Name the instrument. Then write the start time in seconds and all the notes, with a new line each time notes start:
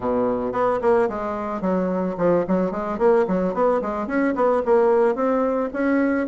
bassoon
0.00 B2
0.52 B3
0.81 A#3
1.09 G#3
1.61 F#3
2.17 F3
2.47 F#3
2.71 G#3
2.98 A#3
3.27 F#3
3.54 B3
3.81 G#3
4.07 C#4
4.35 B3
4.65 A#3
5.15 C4
5.73 C#4